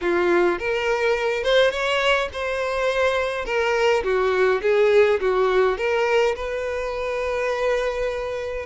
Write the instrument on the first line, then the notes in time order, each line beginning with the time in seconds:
violin
0.01 F4
0.58 A#4
1.43 C5
1.70 C#5
2.32 C5
3.45 A#4
4.03 F#4
4.62 G#4
5.20 F#4
5.77 A#4
6.35 B4